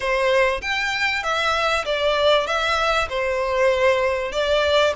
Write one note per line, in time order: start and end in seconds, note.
0.00 0.61 C5
0.61 1.23 G5
1.23 1.84 E5
1.85 2.46 D5
2.46 3.08 E5
3.09 4.32 C5
4.32 4.93 D5